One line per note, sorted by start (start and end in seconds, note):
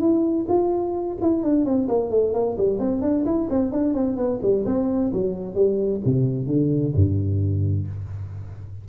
0.00 0.46 E4
0.48 1.18 F4
1.22 1.43 E4
1.43 1.65 D4
1.65 1.88 C4
1.88 2.11 A#3
2.11 2.34 A3
2.34 2.57 A#3
2.57 2.79 G3
2.79 3.02 C4
3.02 3.25 D4
3.25 3.48 E4
3.50 3.72 C4
3.72 3.94 D4
3.94 4.17 C4
4.17 4.40 B3
4.42 4.65 G3
4.66 5.12 C4
5.13 5.55 F#3
5.55 6.01 G3
6.05 6.47 C3
6.47 6.93 D3
6.95 7.87 G2